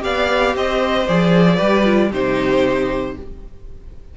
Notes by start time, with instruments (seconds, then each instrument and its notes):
0.00 cello B3, viola G4, violin D5 F5
0.55 cello C4, violin C5 D#5
1.08 cello F3, viola G#4, violin D5
1.56 cello G3, viola G4, violin B4
1.85 viola F4
2.11 cello C3, viola D#4, violin G4 C5